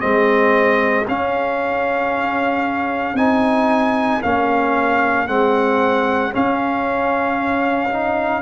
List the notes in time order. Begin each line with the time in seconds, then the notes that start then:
0.00 G#3 C4 G#4 D#5
1.08 C#4 F5
3.14 C4 D#4 G#5
4.22 A#3 C#4 F5
5.27 G#3 C4 F#5
6.31 C#4 F5
7.89 D#4